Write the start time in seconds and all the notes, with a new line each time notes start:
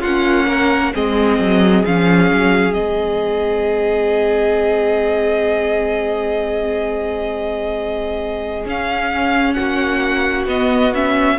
0.00 A#3 C#4 F4 F#5
0.47 A#4
0.94 G#3 C4 G#4 D#5
1.39 F#3
1.85 F3 C#4 F5
2.32 F#3
2.73 G#3 C4 D#5
8.65 C#4 F5
9.54 A#3 F#4 F#5
10.45 B3 D#5
10.94 C#4 E5